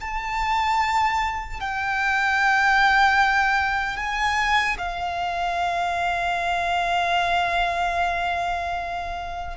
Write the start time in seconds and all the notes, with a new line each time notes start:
0.00 A5
1.60 G5
3.97 G#5
4.78 F5